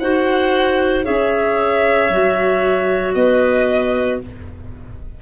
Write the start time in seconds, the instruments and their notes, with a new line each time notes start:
0.00 tuba D#4, clarinet F#4 C5, violin F#5
1.04 tuba C#4, clarinet G#4 C#5, violin E5
2.10 tuba F#3, clarinet F#4
3.14 tuba B3, clarinet B4, violin D#5